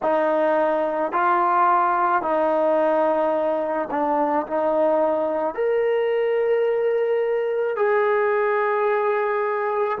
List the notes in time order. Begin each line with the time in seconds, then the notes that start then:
0.02 D#4
1.12 F4
2.22 D#4
3.90 D4
4.46 D#4
5.54 A#4
7.76 G#4